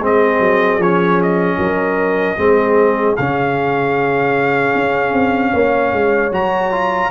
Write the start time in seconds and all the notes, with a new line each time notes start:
0.00 G#3 C4 G#4 D#5
0.39 F#3
0.78 F3 C#4 C#5
1.22 D#5
1.58 F#3 A#4
2.37 G#3 C4 G#4
3.16 C#3 C#4 F5
4.75 C#4
5.13 C4
5.52 A#3 C#5
5.93 G#3
6.31 F#3 F#4 A#5
6.71 F4